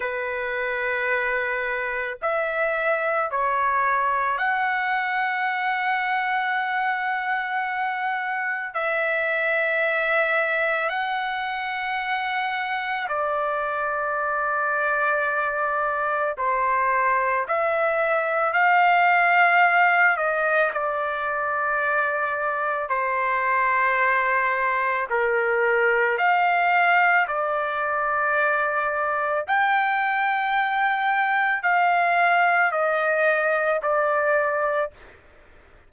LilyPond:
\new Staff \with { instrumentName = "trumpet" } { \time 4/4 \tempo 4 = 55 b'2 e''4 cis''4 | fis''1 | e''2 fis''2 | d''2. c''4 |
e''4 f''4. dis''8 d''4~ | d''4 c''2 ais'4 | f''4 d''2 g''4~ | g''4 f''4 dis''4 d''4 | }